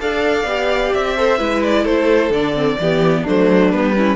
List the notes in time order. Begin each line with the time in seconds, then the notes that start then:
0.00 D4 A4 D5 F5
0.45 B3 G4
0.94 C4 E5
1.18 A4 C5
1.39 G#3 E4 B4
1.64 D5
1.84 A3 A4 C5
2.30 D3 D4 D5
2.54 C4
2.80 E3 B3 G4
3.23 F#3 A3 D4 C5
3.71 G3 B3 B4
3.95 C#4 E4